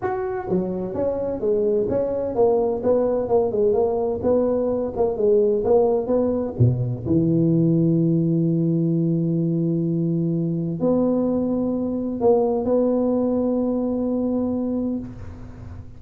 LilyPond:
\new Staff \with { instrumentName = "tuba" } { \time 4/4 \tempo 4 = 128 fis'4 fis4 cis'4 gis4 | cis'4 ais4 b4 ais8 gis8 | ais4 b4. ais8 gis4 | ais4 b4 b,4 e4~ |
e1~ | e2. b4~ | b2 ais4 b4~ | b1 | }